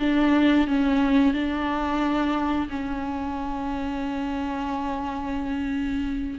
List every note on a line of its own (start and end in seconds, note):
0.00 0.67 D4
0.67 1.34 C#4
1.34 2.69 D4
2.70 6.39 C#4